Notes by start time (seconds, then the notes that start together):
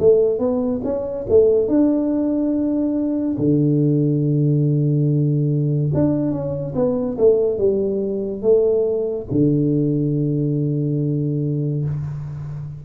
0.00 A3
0.40 B3
0.85 C#4
1.29 A3
1.68 D4
3.38 D3
5.94 D4
6.32 C#4
6.76 B3
7.18 A3
7.58 G3
8.42 A3
9.32 D3